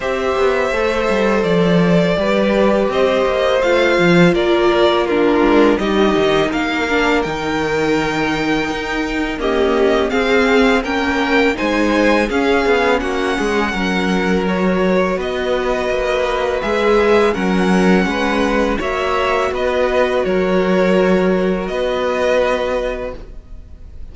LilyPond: <<
  \new Staff \with { instrumentName = "violin" } { \time 4/4 \tempo 4 = 83 e''2 d''2 | dis''4 f''4 d''4 ais'4 | dis''4 f''4 g''2~ | g''4 dis''4 f''4 g''4 |
gis''4 f''4 fis''2 | cis''4 dis''2 e''4 | fis''2 e''4 dis''4 | cis''2 dis''2 | }
  \new Staff \with { instrumentName = "violin" } { \time 4/4 c''2. b'4 | c''2 ais'4 f'4 | g'4 ais'2.~ | ais'4 g'4 gis'4 ais'4 |
c''4 gis'4 fis'8 gis'8 ais'4~ | ais'4 b'2. | ais'4 b'4 cis''4 b'4 | ais'2 b'2 | }
  \new Staff \with { instrumentName = "viola" } { \time 4/4 g'4 a'2 g'4~ | g'4 f'2 d'4 | dis'4. d'8 dis'2~ | dis'4 ais4 c'4 cis'4 |
dis'4 cis'2. | fis'2. gis'4 | cis'2 fis'2~ | fis'1 | }
  \new Staff \with { instrumentName = "cello" } { \time 4/4 c'8 b8 a8 g8 f4 g4 | c'8 ais8 a8 f8 ais4. gis8 | g8 dis8 ais4 dis2 | dis'4 cis'4 c'4 ais4 |
gis4 cis'8 b8 ais8 gis8 fis4~ | fis4 b4 ais4 gis4 | fis4 gis4 ais4 b4 | fis2 b2 | }
>>